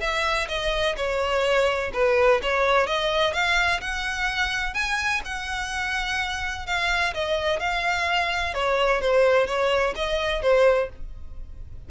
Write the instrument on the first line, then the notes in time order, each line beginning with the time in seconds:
violin
0.00 E5
0.48 D#5
0.97 C#5
1.93 B4
2.42 C#5
2.86 D#5
3.33 F5
3.81 F#5
4.74 G#5
5.24 F#5
6.66 F5
7.14 D#5
7.60 F5
8.54 C#5
9.01 C5
9.47 C#5
9.96 D#5
10.42 C5